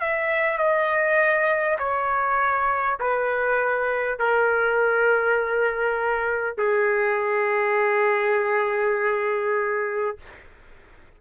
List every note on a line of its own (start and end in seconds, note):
0.00 0.58 E5
0.58 1.78 D#5
1.78 2.98 C#5
3.00 4.19 B4
4.19 6.57 A#4
6.57 10.17 G#4